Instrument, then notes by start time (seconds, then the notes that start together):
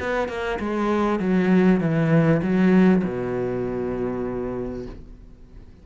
cello
0.00 B3
0.29 A#3
0.60 G#3
1.20 F#3
1.81 E3
2.43 F#3
3.05 B2